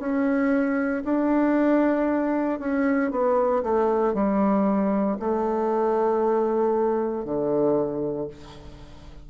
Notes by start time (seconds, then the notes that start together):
0.00 C#4
1.05 D4
2.60 C#4
3.11 B3
3.63 A3
4.14 G3
5.20 A3
7.25 D3